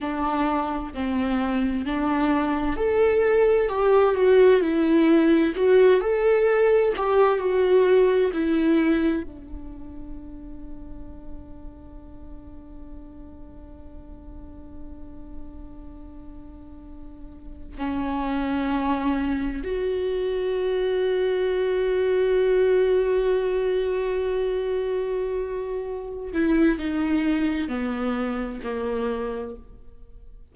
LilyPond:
\new Staff \with { instrumentName = "viola" } { \time 4/4 \tempo 4 = 65 d'4 c'4 d'4 a'4 | g'8 fis'8 e'4 fis'8 a'4 g'8 | fis'4 e'4 d'2~ | d'1~ |
d'2.~ d'16 cis'8.~ | cis'4~ cis'16 fis'2~ fis'8.~ | fis'1~ | fis'8 e'8 dis'4 b4 ais4 | }